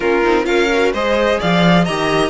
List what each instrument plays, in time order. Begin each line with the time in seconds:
0.00 cello A#3, viola C#4, violin F4 A#4
0.24 cello C4, viola D#4
0.43 cello C#4, viola F4, violin A#4 F5
0.73 viola F#4
0.92 cello G#3, viola G#4, violin C5 D#5
1.39 cello F3, violin D5 F5
1.84 cello D#3, viola G4, violin D#5 A#5